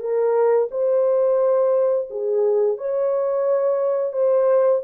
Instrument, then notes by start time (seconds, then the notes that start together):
horn
0.00 A#4
0.71 C5
2.10 G#4
2.77 C#5
4.13 C5